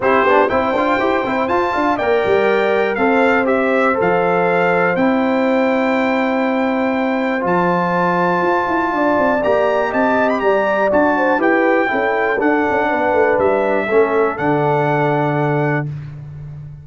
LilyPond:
<<
  \new Staff \with { instrumentName = "trumpet" } { \time 4/4 \tempo 4 = 121 c''4 g''2 a''4 | g''2 f''4 e''4 | f''2 g''2~ | g''2. a''4~ |
a''2. ais''4 | a''8. b''16 ais''4 a''4 g''4~ | g''4 fis''2 e''4~ | e''4 fis''2. | }
  \new Staff \with { instrumentName = "horn" } { \time 4/4 g'4 c''2~ c''8 f''8 | d''2 c''2~ | c''1~ | c''1~ |
c''2 d''2 | dis''4 d''4. c''8 b'4 | a'2 b'2 | a'1 | }
  \new Staff \with { instrumentName = "trombone" } { \time 4/4 e'8 d'8 e'8 f'8 g'8 e'8 f'4 | ais'2 a'4 g'4 | a'2 e'2~ | e'2. f'4~ |
f'2. g'4~ | g'2 fis'4 g'4 | e'4 d'2. | cis'4 d'2. | }
  \new Staff \with { instrumentName = "tuba" } { \time 4/4 c'8 b8 c'8 d'8 e'8 c'8 f'8 d'8 | ais8 g4. c'2 | f2 c'2~ | c'2. f4~ |
f4 f'8 e'8 d'8 c'8 ais4 | c'4 g4 d'4 e'4 | cis'4 d'8 cis'8 b8 a8 g4 | a4 d2. | }
>>